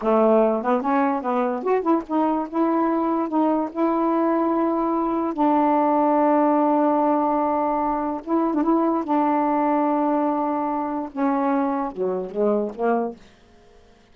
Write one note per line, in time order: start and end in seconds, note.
0.01 0.62 A3
0.62 0.81 B3
0.81 1.22 C#4
1.22 1.63 B3
1.63 1.82 F#4
1.82 2.02 E4
2.07 2.48 D#4
2.49 3.28 E4
3.28 3.69 D#4
3.71 5.33 E4
5.33 8.21 D4
8.24 8.54 E4
8.54 8.63 D4
8.63 9.04 E4
9.04 11.09 D4
11.11 11.91 C#4
11.91 12.30 F#3
12.30 12.72 G#3
12.74 13.15 A#3